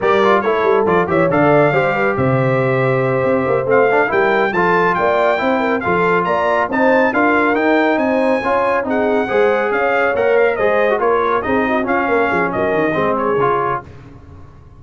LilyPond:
<<
  \new Staff \with { instrumentName = "trumpet" } { \time 4/4 \tempo 4 = 139 d''4 cis''4 d''8 e''8 f''4~ | f''4 e''2.~ | e''8 f''4 g''4 a''4 g''8~ | g''4. f''4 ais''4 a''8~ |
a''8 f''4 g''4 gis''4.~ | gis''8 fis''2 f''4 fis''8 | f''8 dis''4 cis''4 dis''4 f''8~ | f''4 dis''4. cis''4. | }
  \new Staff \with { instrumentName = "horn" } { \time 4/4 ais'4 a'4. cis''8 d''4 | c''8 b'8 c''2.~ | c''4. ais'4 a'4 d''8~ | d''8 c''8 ais'8 a'4 d''4 c''8~ |
c''8 ais'2 c''4 cis''8~ | cis''8 gis'4 c''4 cis''4.~ | cis''8 c''4 ais'4 gis'8 fis'8 f'8 | ais'8 gis'8 ais'4 gis'2 | }
  \new Staff \with { instrumentName = "trombone" } { \time 4/4 g'8 f'8 e'4 f'8 g'8 a'4 | g'1~ | g'8 c'8 d'8 e'4 f'4.~ | f'8 e'4 f'2 dis'8~ |
dis'8 f'4 dis'2 f'8~ | f'8 dis'4 gis'2 ais'8~ | ais'8 gis'8. fis'16 f'4 dis'4 cis'8~ | cis'2 c'4 f'4 | }
  \new Staff \with { instrumentName = "tuba" } { \time 4/4 g4 a8 g8 f8 e8 d4 | g4 c2~ c8 c'8 | ais8 a4 g4 f4 ais8~ | ais8 c'4 f4 ais4 c'8~ |
c'8 d'4 dis'4 c'4 cis'8~ | cis'8 c'4 gis4 cis'4 ais8~ | ais8 gis4 ais4 c'4 cis'8 | ais8 f8 fis8 dis8 gis4 cis4 | }
>>